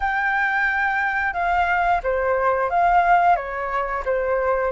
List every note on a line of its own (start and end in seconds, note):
0.00 1.33 G5
1.33 2.01 F5
2.03 2.70 C5
2.70 3.36 F5
3.36 4.03 C#5
4.05 4.71 C5